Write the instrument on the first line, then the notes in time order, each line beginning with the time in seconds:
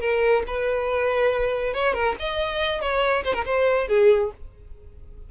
violin
0.00 A#4
0.47 B4
1.74 C#5
1.94 A#4
2.19 D#5
2.81 C#5
3.24 C5
3.34 A#4
3.45 C5
3.88 G#4